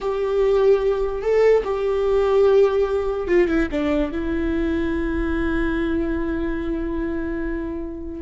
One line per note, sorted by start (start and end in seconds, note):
0.01 1.22 G4
1.22 1.63 A4
1.64 3.27 G4
3.27 3.48 F4
3.48 3.68 E4
3.71 4.11 D4
4.11 8.22 E4